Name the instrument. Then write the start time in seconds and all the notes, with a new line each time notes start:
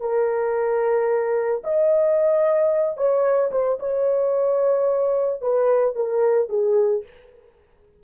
horn
0.00 A#4
1.64 D#5
2.97 C#5
3.51 C5
3.79 C#5
5.41 B4
5.95 A#4
6.49 G#4